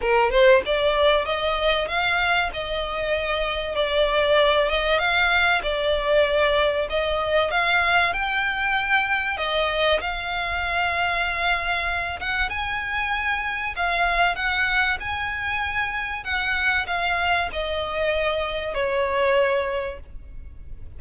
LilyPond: \new Staff \with { instrumentName = "violin" } { \time 4/4 \tempo 4 = 96 ais'8 c''8 d''4 dis''4 f''4 | dis''2 d''4. dis''8 | f''4 d''2 dis''4 | f''4 g''2 dis''4 |
f''2.~ f''8 fis''8 | gis''2 f''4 fis''4 | gis''2 fis''4 f''4 | dis''2 cis''2 | }